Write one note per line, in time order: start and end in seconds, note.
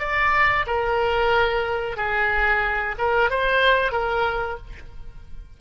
0.00 0.66 D5
0.67 1.97 A#4
1.97 2.96 G#4
2.99 3.31 A#4
3.31 3.93 C5
3.93 4.59 A#4